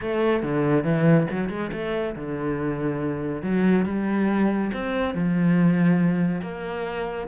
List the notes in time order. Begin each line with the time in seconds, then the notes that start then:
0.01 A3
0.43 D3
0.84 E3
1.30 F#3
1.49 G#3
1.72 A3
2.15 D3
3.42 F#3
3.85 G3
4.73 C4
5.14 F3
6.41 A#3